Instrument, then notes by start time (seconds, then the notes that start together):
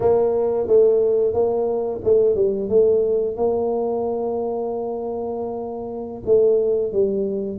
tuba
0.00 A#3
0.67 A3
1.33 A#3
2.04 A3
2.35 G3
2.69 A3
3.36 A#3
6.25 A3
6.92 G3